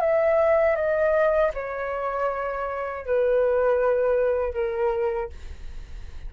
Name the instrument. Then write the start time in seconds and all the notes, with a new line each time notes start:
flute
0.00 E5
0.76 D#5
1.54 C#5
3.06 B4
4.53 A#4